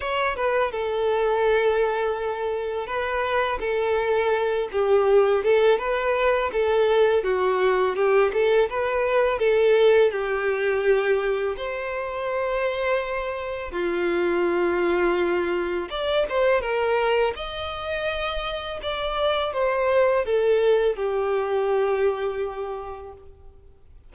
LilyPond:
\new Staff \with { instrumentName = "violin" } { \time 4/4 \tempo 4 = 83 cis''8 b'8 a'2. | b'4 a'4. g'4 a'8 | b'4 a'4 fis'4 g'8 a'8 | b'4 a'4 g'2 |
c''2. f'4~ | f'2 d''8 c''8 ais'4 | dis''2 d''4 c''4 | a'4 g'2. | }